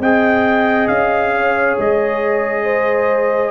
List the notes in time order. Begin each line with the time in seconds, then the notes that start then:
0.00 C4 G#4 D#5 G5
0.88 C#4 F5
1.35 C#5
1.79 G#3 D#5
2.64 C5